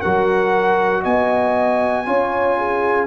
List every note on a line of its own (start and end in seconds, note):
0.00 1.05 F#3
0.00 2.06 F#4
0.00 1.02 A#4
0.00 1.03 F#5
1.03 2.07 B3
1.03 2.04 D#5
1.03 3.07 G#5
2.06 3.07 C#4
2.06 3.07 F4
2.06 2.57 C#5
2.58 3.07 G#4